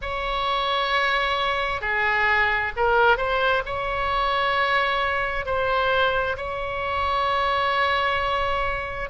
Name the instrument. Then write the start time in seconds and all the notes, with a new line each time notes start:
oboe
0.01 C#5
1.81 G#4
2.76 A#4
3.17 C5
3.65 C#5
5.45 C5
6.36 C#5